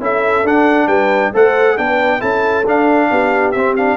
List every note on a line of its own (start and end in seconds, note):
0.00 0.44 C#4
0.00 0.45 E4
0.00 0.87 A4
0.00 0.47 E5
0.44 0.87 D4
0.44 1.34 D4
0.44 0.88 F#5
0.87 1.31 G3
0.87 1.32 B4
0.87 1.32 G5
1.33 1.78 A3
1.33 1.77 A4
1.33 1.77 C5
1.33 1.78 F#5
1.77 2.22 B3
1.77 2.20 D4
1.77 2.19 B4
1.77 2.21 G5
2.19 2.66 C#4
2.19 2.64 E4
2.19 3.08 A4
2.19 2.65 A5
2.66 3.10 D4
2.66 3.54 D4
2.66 3.52 F5
3.11 3.55 B3
3.11 3.97 G4
3.52 3.97 C4
3.52 3.78 C4
3.52 3.74 E5
3.76 3.97 D4
3.76 3.97 F5